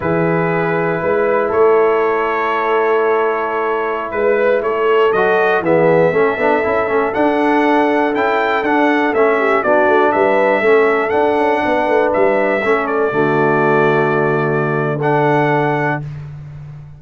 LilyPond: <<
  \new Staff \with { instrumentName = "trumpet" } { \time 4/4 \tempo 4 = 120 b'2. cis''4~ | cis''1~ | cis''16 b'4 cis''4 dis''4 e''8.~ | e''2~ e''16 fis''4.~ fis''16~ |
fis''16 g''4 fis''4 e''4 d''8.~ | d''16 e''2 fis''4.~ fis''16~ | fis''16 e''4. d''2~ d''16~ | d''2 fis''2 | }
  \new Staff \with { instrumentName = "horn" } { \time 4/4 gis'2 b'4 a'4~ | a'1~ | a'16 b'4 a'2 gis'8.~ | gis'16 a'2.~ a'8.~ |
a'2~ a'8. g'8 fis'8.~ | fis'16 b'4 a'2 b'8.~ | b'4~ b'16 a'4 fis'4.~ fis'16~ | fis'2 a'2 | }
  \new Staff \with { instrumentName = "trombone" } { \time 4/4 e'1~ | e'1~ | e'2~ e'16 fis'4 b8.~ | b16 cis'8 d'8 e'8 cis'8 d'4.~ d'16~ |
d'16 e'4 d'4 cis'4 d'8.~ | d'4~ d'16 cis'4 d'4.~ d'16~ | d'4~ d'16 cis'4 a4.~ a16~ | a2 d'2 | }
  \new Staff \with { instrumentName = "tuba" } { \time 4/4 e2 gis4 a4~ | a1~ | a16 gis4 a4 fis4 e8.~ | e16 a8 b8 cis'8 a8 d'4.~ d'16~ |
d'16 cis'4 d'4 a4 b8 a16~ | a16 g4 a4 d'8 cis'8 b8 a16~ | a16 g4 a4 d4.~ d16~ | d1 | }
>>